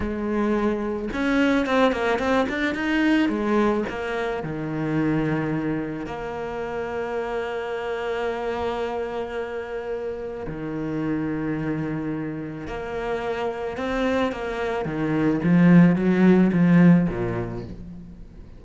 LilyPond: \new Staff \with { instrumentName = "cello" } { \time 4/4 \tempo 4 = 109 gis2 cis'4 c'8 ais8 | c'8 d'8 dis'4 gis4 ais4 | dis2. ais4~ | ais1~ |
ais2. dis4~ | dis2. ais4~ | ais4 c'4 ais4 dis4 | f4 fis4 f4 ais,4 | }